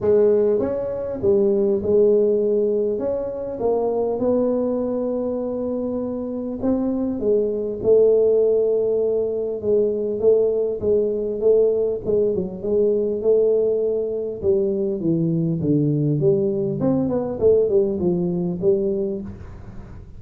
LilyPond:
\new Staff \with { instrumentName = "tuba" } { \time 4/4 \tempo 4 = 100 gis4 cis'4 g4 gis4~ | gis4 cis'4 ais4 b4~ | b2. c'4 | gis4 a2. |
gis4 a4 gis4 a4 | gis8 fis8 gis4 a2 | g4 e4 d4 g4 | c'8 b8 a8 g8 f4 g4 | }